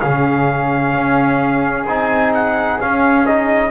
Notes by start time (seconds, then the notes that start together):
0.00 C#3 C#4 G#4 F5
0.95 C#4
1.86 C4 D#4 G#5
2.34 F#5
2.80 C#4 F5
3.26 D#4 D#5